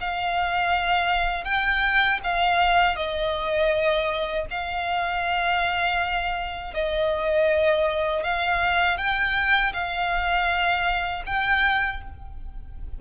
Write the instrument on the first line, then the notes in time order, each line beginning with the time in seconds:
violin
0.00 F5
1.44 G5
2.23 F5
2.96 D#5
4.50 F5
6.74 D#5
8.23 F5
8.97 G5
9.73 F5
11.26 G5